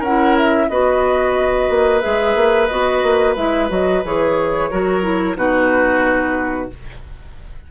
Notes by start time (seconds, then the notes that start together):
0.00 C#4 A#4 F#5
0.07 E4
0.37 E5
0.69 B3 F#4 B4 D#5
1.69 A#3
2.01 G#3 G#4 E5
2.36 A#3
2.68 B3 F#4 D#5
3.03 A#3
3.36 G#3 E4 E5
3.69 F#3 F#4 D#5
4.04 E3 G#4 C#5
4.71 F#3 F#4 A#4
5.02 E4
5.36 B2 D#4 F#4 B4